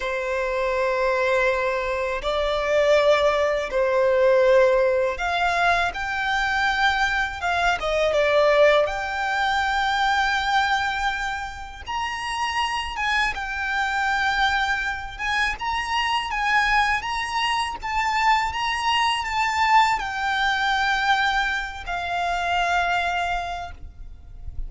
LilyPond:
\new Staff \with { instrumentName = "violin" } { \time 4/4 \tempo 4 = 81 c''2. d''4~ | d''4 c''2 f''4 | g''2 f''8 dis''8 d''4 | g''1 |
ais''4. gis''8 g''2~ | g''8 gis''8 ais''4 gis''4 ais''4 | a''4 ais''4 a''4 g''4~ | g''4. f''2~ f''8 | }